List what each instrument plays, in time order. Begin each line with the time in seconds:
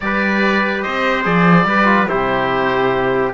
0.00 cello G3, trombone G4, trumpet B4, oboe D5
0.82 cello C4, trumpet C5, oboe D#5
1.23 cello F3, trombone G#4, oboe D5
1.65 cello G3, trombone G4, trumpet B4
1.85 trombone F4
2.07 cello C3, trombone E4, trumpet G4, oboe C5